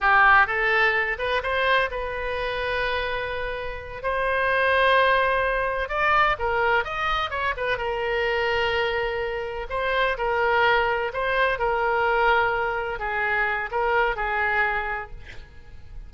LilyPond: \new Staff \with { instrumentName = "oboe" } { \time 4/4 \tempo 4 = 127 g'4 a'4. b'8 c''4 | b'1~ | b'8 c''2.~ c''8~ | c''8 d''4 ais'4 dis''4 cis''8 |
b'8 ais'2.~ ais'8~ | ais'8 c''4 ais'2 c''8~ | c''8 ais'2. gis'8~ | gis'4 ais'4 gis'2 | }